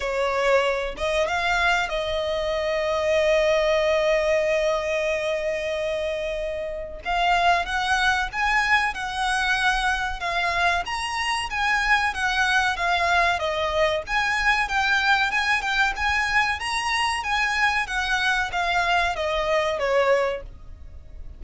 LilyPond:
\new Staff \with { instrumentName = "violin" } { \time 4/4 \tempo 4 = 94 cis''4. dis''8 f''4 dis''4~ | dis''1~ | dis''2. f''4 | fis''4 gis''4 fis''2 |
f''4 ais''4 gis''4 fis''4 | f''4 dis''4 gis''4 g''4 | gis''8 g''8 gis''4 ais''4 gis''4 | fis''4 f''4 dis''4 cis''4 | }